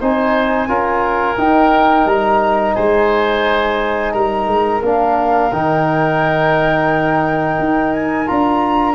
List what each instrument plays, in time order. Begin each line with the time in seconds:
0.00 tuba C4, trombone D#4, oboe C5, flute G#5
0.68 tuba C#4, trombone F4, oboe A#4
1.37 trombone D#4, tuba D#4, flute G5
2.05 tuba G3, flute A#5
2.75 tuba G#3, oboe C5, flute G#5
4.12 tuba G3, oboe A#4, flute A#5
4.47 tuba G#3
4.82 tuba A#3, trombone D4, flute F5
5.52 tuba D#3, trombone D#4, flute G5
7.59 tuba D#4
7.93 flute G#5
8.26 tuba D4, trombone F4, flute A#5